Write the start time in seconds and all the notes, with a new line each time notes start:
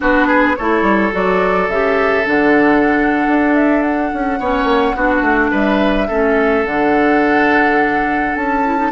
0.00 B3 D4 F#4 B4
0.27 G#4
0.56 A3 E4 A4 C#5
0.82 G3
1.11 F#3 F#4 D5
1.68 C#3 G4 E5
2.24 D3 D4 F#5
3.27 D4
3.54 E5
3.81 F#5
4.13 C#4
4.39 B3 C#4 C#5
4.64 A#3
4.95 B3 D4 F#4
5.21 A3
5.50 G3 B4 E5
6.07 A3 C#4 A4
6.64 D3 D4 F#5
8.35 C#4 A5
8.64 E4
8.77 D#4